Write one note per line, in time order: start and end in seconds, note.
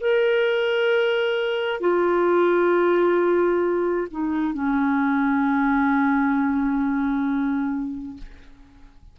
0.00 1.80 A#4
1.80 4.07 F4
4.11 4.53 D#4
4.53 8.17 C#4